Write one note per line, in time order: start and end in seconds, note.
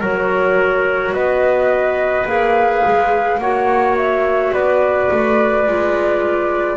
0.00 1.12 F#3
0.00 2.26 F#4
0.00 1.13 A#4
0.00 1.14 C#5
1.12 2.25 B3
1.12 3.41 B4
1.12 2.27 D#5
2.26 2.82 A#3
2.26 3.40 G#4
2.26 3.39 F5
2.87 3.38 G#3
3.38 4.51 A#3
3.38 5.67 F#4
3.38 4.54 C#5
3.38 3.96 F#5
3.97 4.53 E5
4.53 5.10 B3
4.53 6.77 B4
4.53 6.77 D5
5.11 5.67 A3
5.67 6.77 G#3
5.67 6.77 F4